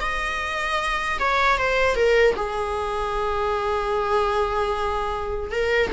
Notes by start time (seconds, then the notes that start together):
0.00 D#5
1.19 C#5
1.58 C5
1.96 A#4
2.36 G#4
5.52 A#4